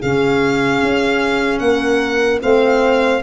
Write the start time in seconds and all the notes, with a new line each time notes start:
0.00 C#3 C#4 G#4 F5
0.82 C#4
1.59 A#3 A#4 F#5
2.42 A3 C4 C5 F5